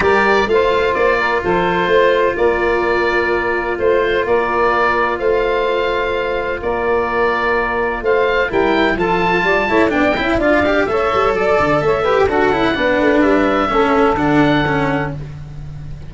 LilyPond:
<<
  \new Staff \with { instrumentName = "oboe" } { \time 4/4 \tempo 4 = 127 d''4 f''4 d''4 c''4~ | c''4 d''2. | c''4 d''2 f''4~ | f''2 d''2~ |
d''4 f''4 g''4 a''4~ | a''4 g''4 f''4 e''4 | d''4 e''4 fis''2 | e''2 fis''2 | }
  \new Staff \with { instrumentName = "saxophone" } { \time 4/4 ais'4 c''4. ais'8 a'4 | c''4 ais'2. | c''4 ais'2 c''4~ | c''2 ais'2~ |
ais'4 c''4 ais'4 a'4 | d''8 cis''8 d''8 e''8 d''4 cis''4 | d''4 cis''8 b'8 a'4 b'4~ | b'4 a'2. | }
  \new Staff \with { instrumentName = "cello" } { \time 4/4 g'4 f'2.~ | f'1~ | f'1~ | f'1~ |
f'2 e'4 f'4~ | f'8 e'8 d'8 e'8 f'8 g'8 a'4~ | a'4. g'8 fis'8 e'8 d'4~ | d'4 cis'4 d'4 cis'4 | }
  \new Staff \with { instrumentName = "tuba" } { \time 4/4 g4 a4 ais4 f4 | a4 ais2. | a4 ais2 a4~ | a2 ais2~ |
ais4 a4 g4 f4 | g8 a8 b8 cis'8 d'4 a8 g8 | fis8 d8 a4 d'8 cis'8 b8 a8 | g4 a4 d2 | }
>>